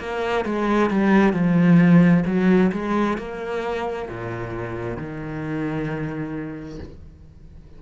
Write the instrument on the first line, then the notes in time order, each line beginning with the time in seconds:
cello
0.00 A#3
0.45 G#3
0.91 G3
1.33 F3
2.26 F#3
2.73 G#3
3.18 A#3
4.09 A#2
4.98 D#3